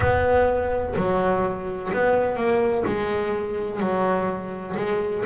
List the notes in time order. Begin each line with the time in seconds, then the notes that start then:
0.00 B3
0.96 F#3
1.92 B3
2.36 A#3
2.86 G#3
3.80 F#3
4.76 G#3